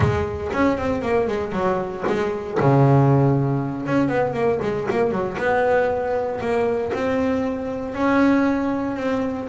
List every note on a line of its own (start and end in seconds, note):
0.00 0.50 G#3
0.52 0.77 C#4
0.77 1.02 C4
1.02 1.27 A#3
1.27 1.52 G#3
1.52 2.03 F#3
2.07 2.58 G#3
2.59 3.86 C#3
3.86 4.08 C#4
4.08 4.33 B3
4.33 4.59 A#3
4.62 4.87 G#3
4.90 5.11 A#3
5.11 5.37 F#3
5.37 6.40 B3
6.41 6.92 A#3
6.93 7.94 C4
7.94 8.96 C#4
8.96 9.47 C4